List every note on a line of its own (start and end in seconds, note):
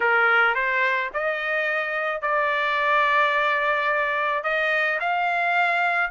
0.00 0.55 A#4
0.55 1.10 C5
1.13 2.21 D#5
2.21 4.43 D5
4.43 4.99 D#5
4.99 6.11 F5